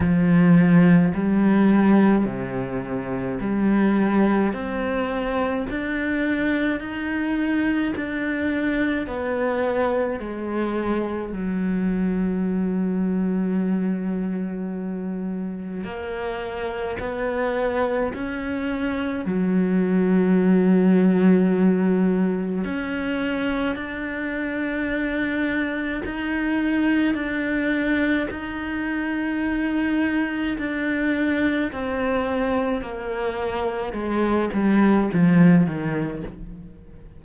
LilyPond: \new Staff \with { instrumentName = "cello" } { \time 4/4 \tempo 4 = 53 f4 g4 c4 g4 | c'4 d'4 dis'4 d'4 | b4 gis4 fis2~ | fis2 ais4 b4 |
cis'4 fis2. | cis'4 d'2 dis'4 | d'4 dis'2 d'4 | c'4 ais4 gis8 g8 f8 dis8 | }